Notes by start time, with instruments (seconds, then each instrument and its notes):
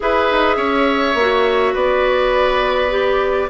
0.00 bassoon E4, clarinet G#4, oboe B4, flute E5
0.31 bassoon D#4
0.57 bassoon C#4, oboe C#5
1.14 bassoon A#3, clarinet F#4
1.73 bassoon B3, oboe B4, flute D5
2.90 clarinet G4